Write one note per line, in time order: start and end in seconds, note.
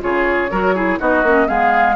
0.00 0.51 C#3
0.00 0.48 F4
0.00 0.51 G#4
0.00 0.99 C#5
0.51 0.99 F#3
0.51 0.75 F#4
0.51 0.75 A#4
0.75 0.99 E4
0.75 0.99 G#4
0.99 1.23 B3
0.99 1.23 D#4
0.99 1.48 F#4
0.99 1.48 D#5
1.23 1.47 A#3
1.23 1.47 C#4
1.47 1.95 G#3
1.47 1.95 B3
1.47 1.95 G#4
1.47 1.95 F5